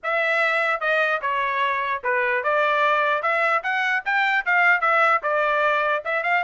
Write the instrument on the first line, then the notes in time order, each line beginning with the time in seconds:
trumpet
0.03 E5
0.80 D#5
1.21 C#5
2.03 B4
2.43 D5
3.22 E5
3.63 F#5
4.05 G5
4.45 F5
4.80 E5
5.22 D5
6.04 E5
6.23 F5